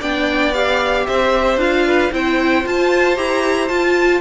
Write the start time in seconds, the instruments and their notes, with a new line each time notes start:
0.00 cello B3, viola D4, violin D5 G5
0.54 viola G4, violin F5
1.07 cello C4, violin C5 E5
1.57 cello D4, viola F4, violin F5
1.87 violin B4
2.13 cello C4, viola E4, violin C5 G5
2.64 viola F4, cello F4, violin A5
3.16 cello E4, viola G4, violin A#5
3.69 cello F4, viola F4, violin A5